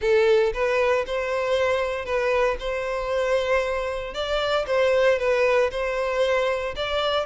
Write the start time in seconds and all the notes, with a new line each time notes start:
0.01 A4
0.53 B4
1.06 C5
2.05 B4
2.59 C5
4.14 D5
4.67 C5
5.18 B4
5.71 C5
6.76 D5